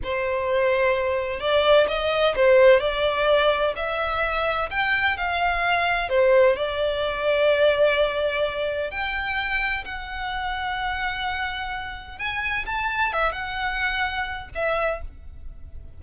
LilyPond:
\new Staff \with { instrumentName = "violin" } { \time 4/4 \tempo 4 = 128 c''2. d''4 | dis''4 c''4 d''2 | e''2 g''4 f''4~ | f''4 c''4 d''2~ |
d''2. g''4~ | g''4 fis''2.~ | fis''2 gis''4 a''4 | e''8 fis''2~ fis''8 e''4 | }